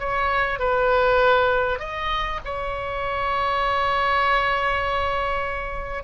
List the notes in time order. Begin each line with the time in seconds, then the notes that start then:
0.00 C#5
0.60 B4
1.80 D#5
2.45 C#5